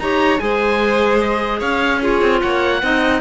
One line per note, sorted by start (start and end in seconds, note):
0.00 0.40 D#4
0.00 0.40 G4
0.00 0.42 C#5
0.00 0.40 A#5
0.40 1.62 G#3
0.40 2.01 G#4
0.40 1.59 C5
0.40 1.20 G#5
1.21 1.61 D#5
1.59 2.22 C#4
1.59 2.00 C#5
1.59 2.02 F5
2.01 2.82 F4
2.01 2.42 G#4
2.01 2.42 C#5
2.22 2.42 C4
2.42 2.82 A#3
2.42 2.82 C#5
2.42 3.22 F#5
2.82 3.22 C4
2.82 3.22 D#4
2.82 3.22 D#5